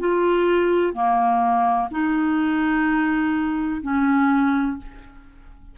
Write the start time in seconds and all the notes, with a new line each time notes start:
0.00 F4
0.94 A#3
1.91 D#4
3.82 C#4